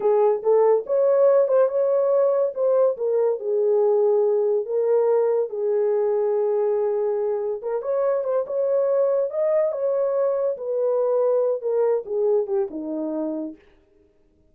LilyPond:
\new Staff \with { instrumentName = "horn" } { \time 4/4 \tempo 4 = 142 gis'4 a'4 cis''4. c''8 | cis''2 c''4 ais'4 | gis'2. ais'4~ | ais'4 gis'2.~ |
gis'2 ais'8 cis''4 c''8 | cis''2 dis''4 cis''4~ | cis''4 b'2~ b'8 ais'8~ | ais'8 gis'4 g'8 dis'2 | }